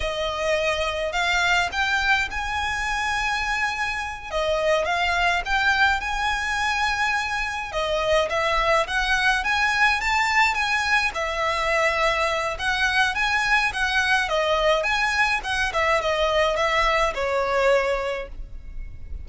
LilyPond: \new Staff \with { instrumentName = "violin" } { \time 4/4 \tempo 4 = 105 dis''2 f''4 g''4 | gis''2.~ gis''8 dis''8~ | dis''8 f''4 g''4 gis''4.~ | gis''4. dis''4 e''4 fis''8~ |
fis''8 gis''4 a''4 gis''4 e''8~ | e''2 fis''4 gis''4 | fis''4 dis''4 gis''4 fis''8 e''8 | dis''4 e''4 cis''2 | }